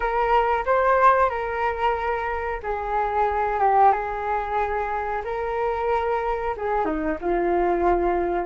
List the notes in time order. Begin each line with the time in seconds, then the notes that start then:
0.00 A#4
0.65 C5
1.29 A#4
2.62 G#4
3.59 G4
3.92 G#4
5.24 A#4
6.56 G#4
6.85 D#4
7.21 F4